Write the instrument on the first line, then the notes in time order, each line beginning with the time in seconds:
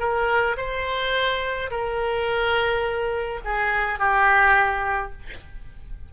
oboe
0.00 A#4
0.57 C5
1.71 A#4
3.45 G#4
3.99 G4